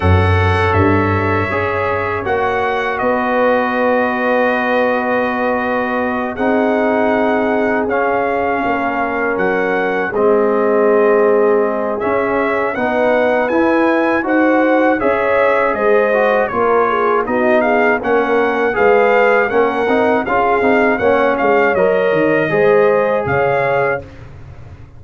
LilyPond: <<
  \new Staff \with { instrumentName = "trumpet" } { \time 4/4 \tempo 4 = 80 fis''4 e''2 fis''4 | dis''1~ | dis''8 fis''2 f''4.~ | f''8 fis''4 dis''2~ dis''8 |
e''4 fis''4 gis''4 fis''4 | e''4 dis''4 cis''4 dis''8 f''8 | fis''4 f''4 fis''4 f''4 | fis''8 f''8 dis''2 f''4 | }
  \new Staff \with { instrumentName = "horn" } { \time 4/4 cis''1 | b'1~ | b'8 gis'2. ais'8~ | ais'4. gis'2~ gis'8~ |
gis'4 b'2 c''4 | cis''4 c''4 ais'8 gis'8 fis'8 gis'8 | ais'4 b'4 ais'4 gis'4 | cis''2 c''4 cis''4 | }
  \new Staff \with { instrumentName = "trombone" } { \time 4/4 a'2 gis'4 fis'4~ | fis'1~ | fis'8 dis'2 cis'4.~ | cis'4. c'2~ c'8 |
cis'4 dis'4 e'4 fis'4 | gis'4. fis'8 f'4 dis'4 | cis'4 gis'4 cis'8 dis'8 f'8 dis'8 | cis'4 ais'4 gis'2 | }
  \new Staff \with { instrumentName = "tuba" } { \time 4/4 fis,4 g,4 cis'4 ais4 | b1~ | b8 c'2 cis'4 ais8~ | ais8 fis4 gis2~ gis8 |
cis'4 b4 e'4 dis'4 | cis'4 gis4 ais4 b4 | ais4 gis4 ais8 c'8 cis'8 c'8 | ais8 gis8 fis8 dis8 gis4 cis4 | }
>>